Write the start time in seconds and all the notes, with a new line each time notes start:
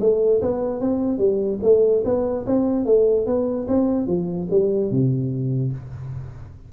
0.00 A3
0.41 B3
0.80 C4
1.18 G3
1.62 A3
2.05 B3
2.46 C4
2.85 A3
3.26 B3
3.68 C4
4.07 F3
4.50 G3
4.91 C3